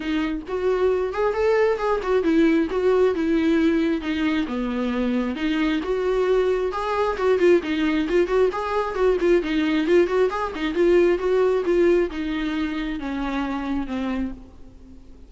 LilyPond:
\new Staff \with { instrumentName = "viola" } { \time 4/4 \tempo 4 = 134 dis'4 fis'4. gis'8 a'4 | gis'8 fis'8 e'4 fis'4 e'4~ | e'4 dis'4 b2 | dis'4 fis'2 gis'4 |
fis'8 f'8 dis'4 f'8 fis'8 gis'4 | fis'8 f'8 dis'4 f'8 fis'8 gis'8 dis'8 | f'4 fis'4 f'4 dis'4~ | dis'4 cis'2 c'4 | }